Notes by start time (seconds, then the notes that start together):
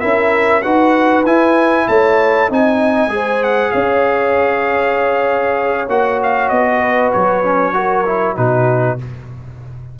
0.00 C#4 E4 A#4 E5
0.62 D#4 F#4 B4 F#5
1.25 E4 G#5
1.88 A3 C#5 A5
2.49 C4 D#4 D#5 G#5
3.07 G#3 G#4
3.14 C5
3.43 F#5
3.71 C#4 C#5 F5
5.88 A#3 F#4 F#5
6.23 F5
6.49 B3 D#5
6.80 B4
7.12 F#3 C#5
7.43 C#4
7.73 F#4 A#4
8.06 E4
8.35 B2 D#4 F#4 B4